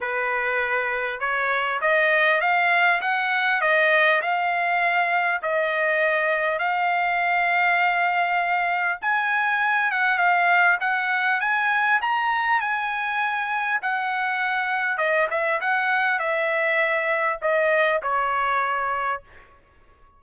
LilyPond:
\new Staff \with { instrumentName = "trumpet" } { \time 4/4 \tempo 4 = 100 b'2 cis''4 dis''4 | f''4 fis''4 dis''4 f''4~ | f''4 dis''2 f''4~ | f''2. gis''4~ |
gis''8 fis''8 f''4 fis''4 gis''4 | ais''4 gis''2 fis''4~ | fis''4 dis''8 e''8 fis''4 e''4~ | e''4 dis''4 cis''2 | }